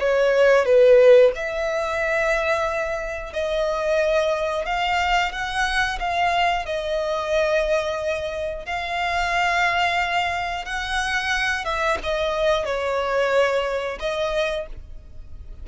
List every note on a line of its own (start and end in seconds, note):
0.00 0.65 C#5
0.65 1.32 B4
1.35 3.34 E5
3.34 4.66 D#5
4.66 5.32 F5
5.32 5.99 F#5
6.00 6.66 F5
6.66 8.66 D#5
8.66 10.65 F5
10.65 11.65 F#5
11.65 11.98 E5
12.03 12.65 D#5
12.65 13.99 C#5
14.00 14.67 D#5